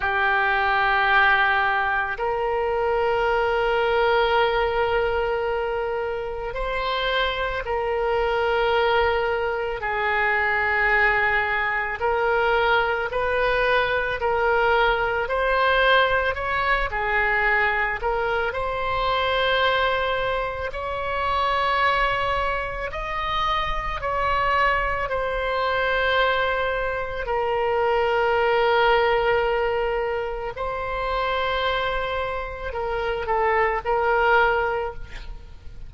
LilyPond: \new Staff \with { instrumentName = "oboe" } { \time 4/4 \tempo 4 = 55 g'2 ais'2~ | ais'2 c''4 ais'4~ | ais'4 gis'2 ais'4 | b'4 ais'4 c''4 cis''8 gis'8~ |
gis'8 ais'8 c''2 cis''4~ | cis''4 dis''4 cis''4 c''4~ | c''4 ais'2. | c''2 ais'8 a'8 ais'4 | }